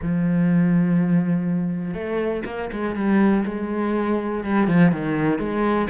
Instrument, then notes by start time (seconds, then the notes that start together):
cello
0.02 F3
1.94 A3
2.45 A#3
2.72 G#3
2.95 G3
3.45 G#3
4.44 G3
4.67 F3
4.92 D#3
5.39 G#3